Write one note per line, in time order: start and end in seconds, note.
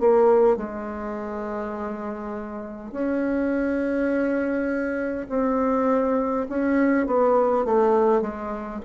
0.00 0.57 A#3
0.57 2.92 G#3
2.92 5.27 C#4
5.29 6.47 C4
6.49 7.07 C#4
7.07 7.65 B3
7.65 8.22 A3
8.22 8.81 G#3